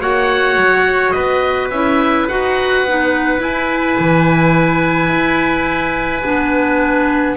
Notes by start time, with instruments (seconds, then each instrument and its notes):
0.00 double bass A#3, clarinet F#4, trumpet C#5, oboe F#5
0.56 double bass F#3
1.11 double bass B3, trumpet B4, oboe D#5
1.70 double bass C#4, clarinet E4, oboe E5
2.28 double bass D#4, clarinet F#4, oboe F#5
2.84 double bass B3, clarinet D#4
3.38 clarinet E4, double bass E4, oboe G#5
3.99 double bass E3
5.10 double bass E4
6.24 double bass B3, clarinet D4